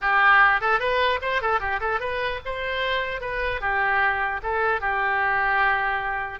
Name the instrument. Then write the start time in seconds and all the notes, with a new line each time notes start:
oboe
0.01 G4
0.60 A4
0.79 B4
1.21 C5
1.41 A4
1.60 G4
1.80 A4
1.99 B4
2.45 C5
3.21 B4
3.61 G4
4.42 A4
4.80 G4